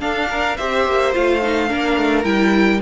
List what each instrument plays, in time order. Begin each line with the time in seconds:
0.00 viola D4, cello D4, violin A4 F5
0.30 violin A#4
0.57 cello C4, viola G4, violin C5 E5
0.87 cello A#3
1.13 cello A3, viola F4, violin F5
1.41 viola D#4
1.68 cello A#3, viola D4, violin A#4
1.96 cello A3
2.24 cello G3, viola E4, violin G5